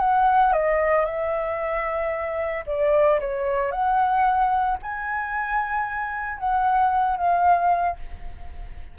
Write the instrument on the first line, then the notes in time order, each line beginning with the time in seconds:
flute
0.00 F#5
0.53 D#5
1.05 E5
2.67 D5
3.21 C#5
3.72 F#5
4.83 G#5
6.39 F#5
7.17 F5